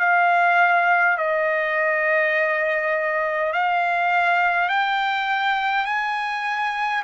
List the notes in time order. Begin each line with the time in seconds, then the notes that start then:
0.00 F5
1.18 D#5
3.53 F5
4.69 G5
5.86 G#5